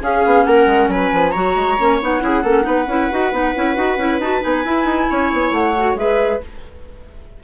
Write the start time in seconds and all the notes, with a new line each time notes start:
0.00 C#4 G#4 F5
0.25 B3
0.44 A#3 A#4 F#5
0.66 G#3
0.88 F#3 B4 G#5
1.13 F3
1.30 F#3 F#4 C#5 A#5
1.55 G#3
1.78 A#3 C#4
2.01 B3 D#4 F#5
2.20 C#4 E4 G#4
2.43 A#3 C#4 A4
2.62 B3 D#4 B4
2.87 C#4 E4
3.11 D#4 F#4
3.32 B3 D#4
3.55 C#4 E4
3.75 D#4 F#4
3.97 C#4 E4
4.19 D#4 F#4 A5
4.41 B3 D#4 G#5
4.65 E4
4.84 D#4
5.10 C#4 C#5
5.33 B3
5.51 A3 F#5
5.77 F#4
5.94 G#3 G#4 B4 E5